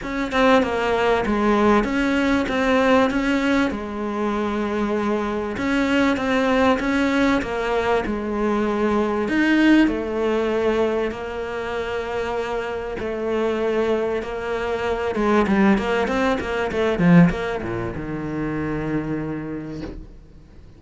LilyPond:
\new Staff \with { instrumentName = "cello" } { \time 4/4 \tempo 4 = 97 cis'8 c'8 ais4 gis4 cis'4 | c'4 cis'4 gis2~ | gis4 cis'4 c'4 cis'4 | ais4 gis2 dis'4 |
a2 ais2~ | ais4 a2 ais4~ | ais8 gis8 g8 ais8 c'8 ais8 a8 f8 | ais8 ais,8 dis2. | }